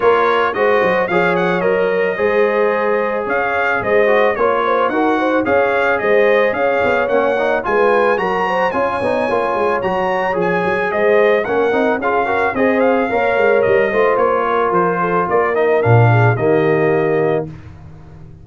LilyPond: <<
  \new Staff \with { instrumentName = "trumpet" } { \time 4/4 \tempo 4 = 110 cis''4 dis''4 f''8 fis''8 dis''4~ | dis''2 f''4 dis''4 | cis''4 fis''4 f''4 dis''4 | f''4 fis''4 gis''4 ais''4 |
gis''2 ais''4 gis''4 | dis''4 fis''4 f''4 dis''8 f''8~ | f''4 dis''4 cis''4 c''4 | d''8 dis''8 f''4 dis''2 | }
  \new Staff \with { instrumentName = "horn" } { \time 4/4 ais'4 c''4 cis''2 | c''2 cis''4 c''4 | cis''8 c''8 ais'8 c''8 cis''4 c''4 | cis''2 b'4 ais'8 c''8 |
cis''1 | c''4 ais'4 gis'8 ais'8 c''4 | cis''4. c''4 ais'4 a'8 | ais'4. gis'8 g'2 | }
  \new Staff \with { instrumentName = "trombone" } { \time 4/4 f'4 fis'4 gis'4 ais'4 | gis'2.~ gis'8 fis'8 | f'4 fis'4 gis'2~ | gis'4 cis'8 dis'8 f'4 fis'4 |
f'8 dis'8 f'4 fis'4 gis'4~ | gis'4 cis'8 dis'8 f'8 fis'8 gis'4 | ais'4. f'2~ f'8~ | f'8 dis'8 d'4 ais2 | }
  \new Staff \with { instrumentName = "tuba" } { \time 4/4 ais4 gis8 fis8 f4 fis4 | gis2 cis'4 gis4 | ais4 dis'4 cis'4 gis4 | cis'8 b8 ais4 gis4 fis4 |
cis'8 b8 ais8 gis8 fis4 f8 fis8 | gis4 ais8 c'8 cis'4 c'4 | ais8 gis8 g8 a8 ais4 f4 | ais4 ais,4 dis2 | }
>>